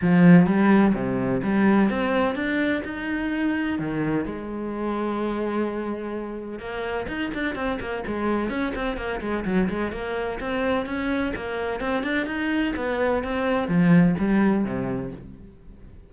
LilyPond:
\new Staff \with { instrumentName = "cello" } { \time 4/4 \tempo 4 = 127 f4 g4 c4 g4 | c'4 d'4 dis'2 | dis4 gis2.~ | gis2 ais4 dis'8 d'8 |
c'8 ais8 gis4 cis'8 c'8 ais8 gis8 | fis8 gis8 ais4 c'4 cis'4 | ais4 c'8 d'8 dis'4 b4 | c'4 f4 g4 c4 | }